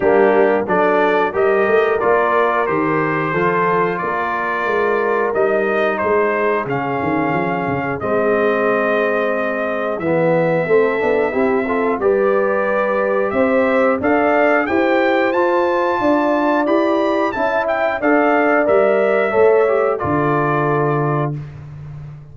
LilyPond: <<
  \new Staff \with { instrumentName = "trumpet" } { \time 4/4 \tempo 4 = 90 g'4 d''4 dis''4 d''4 | c''2 d''2 | dis''4 c''4 f''2 | dis''2. e''4~ |
e''2 d''2 | e''4 f''4 g''4 a''4~ | a''4 b''4 a''8 g''8 f''4 | e''2 d''2 | }
  \new Staff \with { instrumentName = "horn" } { \time 4/4 d'4 a'4 ais'2~ | ais'4 a'4 ais'2~ | ais'4 gis'2.~ | gis'1 |
a'4 g'8 a'8 b'2 | c''4 d''4 c''2 | d''2 e''4 d''4~ | d''4 cis''4 a'2 | }
  \new Staff \with { instrumentName = "trombone" } { \time 4/4 ais4 d'4 g'4 f'4 | g'4 f'2. | dis'2 cis'2 | c'2. b4 |
c'8 d'8 e'8 f'8 g'2~ | g'4 a'4 g'4 f'4~ | f'4 g'4 e'4 a'4 | ais'4 a'8 g'8 f'2 | }
  \new Staff \with { instrumentName = "tuba" } { \time 4/4 g4 fis4 g8 a8 ais4 | dis4 f4 ais4 gis4 | g4 gis4 cis8 dis8 f8 cis8 | gis2. e4 |
a8 b8 c'4 g2 | c'4 d'4 e'4 f'4 | d'4 e'4 cis'4 d'4 | g4 a4 d2 | }
>>